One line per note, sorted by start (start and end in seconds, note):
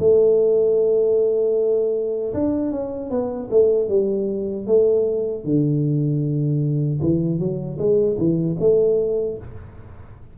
0.00 2.34 A3
2.34 2.72 D4
2.72 3.11 C#4
3.11 3.50 B3
3.51 3.89 A3
3.89 4.67 G3
4.67 5.45 A3
5.45 7.01 D3
7.01 7.40 E3
7.40 7.79 F#3
7.79 8.17 G#3
8.18 8.57 E3
8.60 9.38 A3